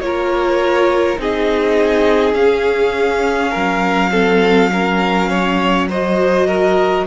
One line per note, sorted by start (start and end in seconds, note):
0.00 1.18 A#3
0.00 1.17 F4
0.00 1.21 A#4
0.00 1.19 C#5
1.17 2.34 C4
1.17 2.35 D#4
1.17 3.51 G#4
1.17 2.34 D#5
2.34 3.52 C#4
2.34 4.12 C#4
2.34 5.87 F5
3.51 7.07 F#3
3.51 4.10 A#4
4.12 4.70 C4
4.12 4.71 A4
4.73 5.91 C#4
4.73 5.30 A#4
5.30 5.89 C#5
5.90 7.07 F#4
5.90 6.48 C5
5.90 7.07 D#5
6.48 7.06 A#4